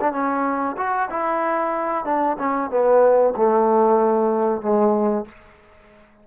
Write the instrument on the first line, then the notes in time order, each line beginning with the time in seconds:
trombone
0.00 D4
0.12 C#4
0.77 F#4
1.10 E4
2.05 D4
2.38 C#4
2.70 B3
3.37 A3
4.61 G#3